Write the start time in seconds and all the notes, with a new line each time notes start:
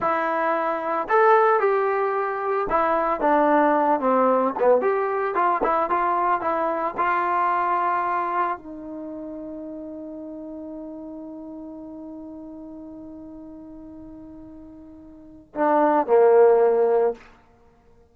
0.00 E4
1.08 A4
1.59 G4
2.69 E4
3.20 D4
4.00 C4
4.59 B3
4.81 G4
5.34 F4
5.63 E4
5.90 F4
6.41 E4
6.97 F4
8.57 D#4
15.54 D4
16.06 A#3